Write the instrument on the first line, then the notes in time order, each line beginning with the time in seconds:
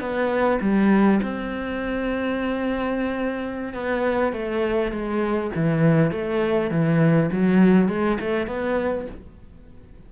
cello
0.00 B3
0.61 G3
1.23 C4
3.74 B3
4.33 A3
4.92 G#3
5.55 E3
6.11 A3
6.71 E3
7.32 F#3
7.88 G#3
8.20 A3
8.47 B3